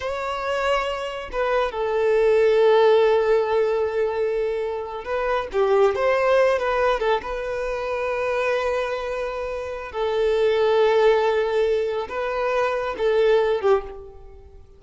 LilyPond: \new Staff \with { instrumentName = "violin" } { \time 4/4 \tempo 4 = 139 cis''2. b'4 | a'1~ | a'2.~ a'8. b'16~ | b'8. g'4 c''4. b'8.~ |
b'16 a'8 b'2.~ b'16~ | b'2. a'4~ | a'1 | b'2 a'4. g'8 | }